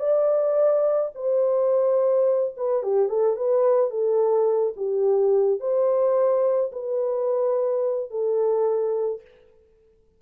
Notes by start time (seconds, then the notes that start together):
0.00 D5
1.15 C5
2.57 B4
2.83 G4
3.09 A4
3.37 B4
3.91 A4
4.77 G4
5.61 C5
6.73 B4
8.11 A4